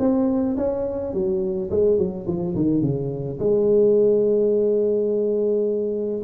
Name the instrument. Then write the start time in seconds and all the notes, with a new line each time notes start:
tuba
0.00 C4
0.57 C#4
1.14 F#3
1.71 G#3
1.99 F#3
2.27 F3
2.56 D#3
2.82 C#3
3.40 G#3